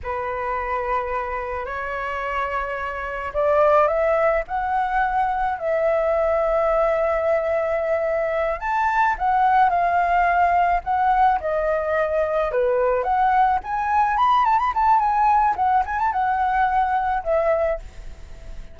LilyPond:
\new Staff \with { instrumentName = "flute" } { \time 4/4 \tempo 4 = 108 b'2. cis''4~ | cis''2 d''4 e''4 | fis''2 e''2~ | e''2.~ e''8 a''8~ |
a''8 fis''4 f''2 fis''8~ | fis''8 dis''2 b'4 fis''8~ | fis''8 gis''4 b''8 a''16 b''16 a''8 gis''4 | fis''8 gis''16 a''16 fis''2 e''4 | }